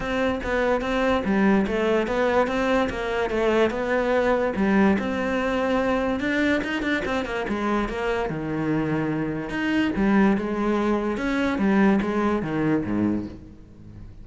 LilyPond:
\new Staff \with { instrumentName = "cello" } { \time 4/4 \tempo 4 = 145 c'4 b4 c'4 g4 | a4 b4 c'4 ais4 | a4 b2 g4 | c'2. d'4 |
dis'8 d'8 c'8 ais8 gis4 ais4 | dis2. dis'4 | g4 gis2 cis'4 | g4 gis4 dis4 gis,4 | }